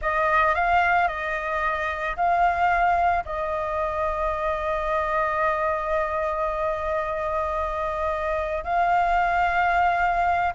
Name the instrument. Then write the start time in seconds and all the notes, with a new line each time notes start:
flute
0.01 D#5
0.54 F5
1.08 D#5
2.16 F5
3.25 D#5
8.64 F5